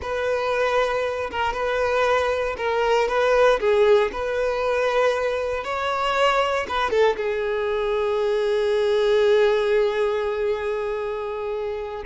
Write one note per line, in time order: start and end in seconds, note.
0.02 1.30 B4
1.31 1.53 A#4
1.53 2.55 B4
2.57 3.08 A#4
3.08 3.59 B4
3.59 4.11 G#4
4.12 5.64 B4
5.64 6.66 C#5
6.68 6.90 B4
6.90 7.16 A4
7.16 12.03 G#4